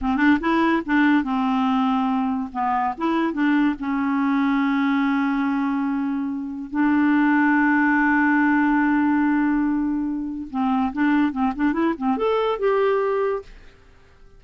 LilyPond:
\new Staff \with { instrumentName = "clarinet" } { \time 4/4 \tempo 4 = 143 c'8 d'8 e'4 d'4 c'4~ | c'2 b4 e'4 | d'4 cis'2.~ | cis'1 |
d'1~ | d'1~ | d'4 c'4 d'4 c'8 d'8 | e'8 c'8 a'4 g'2 | }